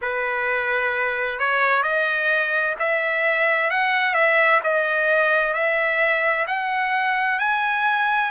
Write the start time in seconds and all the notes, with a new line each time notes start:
0.01 B4
1.38 C#5
1.82 D#5
2.79 E5
3.70 F#5
4.14 E5
4.63 D#5
5.53 E5
6.47 F#5
7.38 G#5